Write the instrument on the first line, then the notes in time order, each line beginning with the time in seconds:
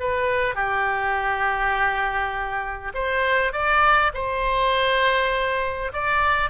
oboe
0.00 B4
0.55 G4
2.95 C5
3.53 D5
4.14 C5
5.93 D5